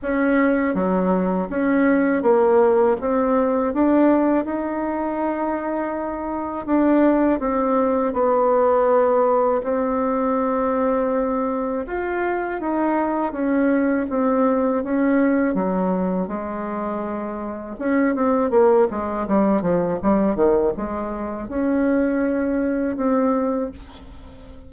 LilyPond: \new Staff \with { instrumentName = "bassoon" } { \time 4/4 \tempo 4 = 81 cis'4 fis4 cis'4 ais4 | c'4 d'4 dis'2~ | dis'4 d'4 c'4 b4~ | b4 c'2. |
f'4 dis'4 cis'4 c'4 | cis'4 fis4 gis2 | cis'8 c'8 ais8 gis8 g8 f8 g8 dis8 | gis4 cis'2 c'4 | }